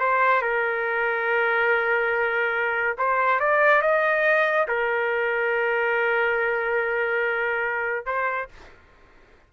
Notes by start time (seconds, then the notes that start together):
0.00 C5
0.42 A#4
2.98 C5
3.40 D5
3.82 D#5
4.68 A#4
8.06 C5